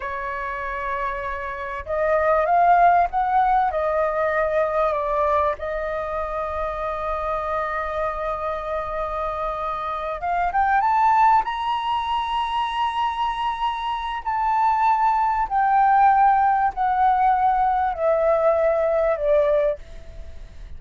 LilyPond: \new Staff \with { instrumentName = "flute" } { \time 4/4 \tempo 4 = 97 cis''2. dis''4 | f''4 fis''4 dis''2 | d''4 dis''2.~ | dis''1~ |
dis''8 f''8 g''8 a''4 ais''4.~ | ais''2. a''4~ | a''4 g''2 fis''4~ | fis''4 e''2 d''4 | }